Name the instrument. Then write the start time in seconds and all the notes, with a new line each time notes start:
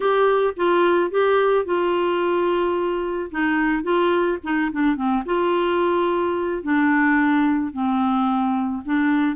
clarinet
0.00 G4
0.56 F4
1.11 G4
1.65 F4
3.31 D#4
3.83 F4
4.43 D#4
4.72 D4
4.95 C4
5.25 F4
6.63 D4
7.72 C4
8.85 D4